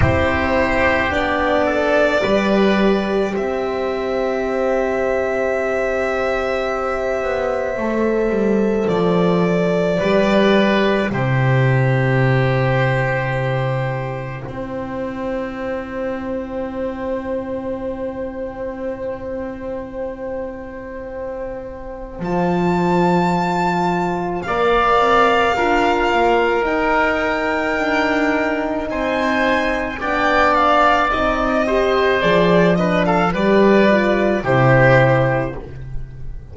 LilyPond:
<<
  \new Staff \with { instrumentName = "violin" } { \time 4/4 \tempo 4 = 54 c''4 d''2 e''4~ | e''1 | d''2 c''2~ | c''4 g''2.~ |
g''1 | a''2 f''2 | g''2 gis''4 g''8 f''8 | dis''4 d''8 dis''16 f''16 d''4 c''4 | }
  \new Staff \with { instrumentName = "oboe" } { \time 4/4 g'4. a'8 b'4 c''4~ | c''1~ | c''4 b'4 g'2~ | g'4 c''2.~ |
c''1~ | c''2 d''4 ais'4~ | ais'2 c''4 d''4~ | d''8 c''4 b'16 a'16 b'4 g'4 | }
  \new Staff \with { instrumentName = "horn" } { \time 4/4 e'4 d'4 g'2~ | g'2. a'4~ | a'4 g'4 e'2~ | e'1~ |
e'1 | f'2 ais'4 f'4 | dis'2. d'4 | dis'8 g'8 gis'8 d'8 g'8 f'8 e'4 | }
  \new Staff \with { instrumentName = "double bass" } { \time 4/4 c'4 b4 g4 c'4~ | c'2~ c'8 b8 a8 g8 | f4 g4 c2~ | c4 c'2.~ |
c'1 | f2 ais8 c'8 d'8 ais8 | dis'4 d'4 c'4 b4 | c'4 f4 g4 c4 | }
>>